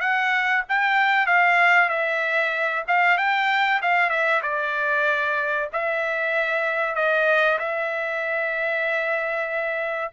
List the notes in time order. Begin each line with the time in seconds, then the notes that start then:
0.00 F#5
0.68 G5
1.26 F5
1.89 E5
2.87 F5
3.17 G5
3.82 F5
4.09 E5
4.42 D5
5.73 E5
6.95 D#5
7.59 E5